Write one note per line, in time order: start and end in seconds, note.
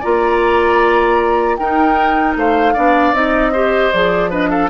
0.00 1.58 A#3
0.00 1.59 F4
0.00 1.56 D5
0.00 1.56 A#5
1.56 2.36 D#4
1.56 2.75 D#4
1.56 2.37 A#4
1.56 2.34 G5
2.36 2.75 A3
2.36 2.74 C5
2.36 3.14 F5
2.74 3.12 B3
2.74 3.13 D4
2.74 3.52 D5
3.12 3.90 C4
3.12 3.52 D#4
3.12 3.92 D#5
3.52 3.93 G4
3.52 4.30 C5
3.92 4.70 F3
3.92 4.30 G#4
3.92 4.31 D5
4.30 4.69 D4
4.30 4.49 B4
4.30 4.50 D#5
4.50 4.70 A4
4.50 4.69 F5